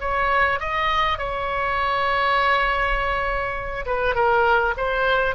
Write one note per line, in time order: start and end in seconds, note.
0.00 0.59 C#5
0.60 1.18 D#5
1.18 3.85 C#5
3.86 4.15 B4
4.15 4.74 A#4
4.77 5.35 C5